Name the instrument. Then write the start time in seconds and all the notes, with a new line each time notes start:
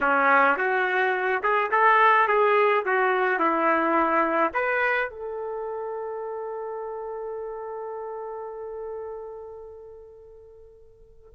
trumpet
0.01 C#4
0.57 F#4
1.42 G#4
1.71 A4
2.27 G#4
2.85 F#4
3.39 E4
4.53 B4
5.09 A4